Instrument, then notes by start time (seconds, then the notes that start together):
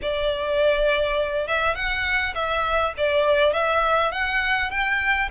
violin
0.02 D5
1.47 E5
1.75 F#5
2.34 E5
2.97 D5
3.53 E5
4.11 F#5
4.70 G5